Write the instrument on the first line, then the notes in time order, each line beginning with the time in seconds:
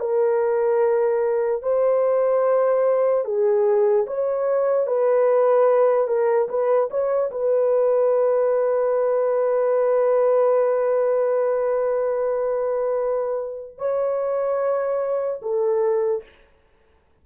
horn
0.00 A#4
1.62 C5
3.25 G#4
4.07 C#5
4.86 B4
6.07 A#4
6.49 B4
6.90 C#5
7.31 B4
13.78 C#5
15.42 A4